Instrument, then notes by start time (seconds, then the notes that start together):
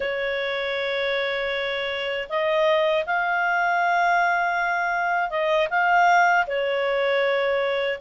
clarinet
0.00 C#5
2.29 D#5
3.06 F5
5.30 D#5
5.70 F5
6.47 C#5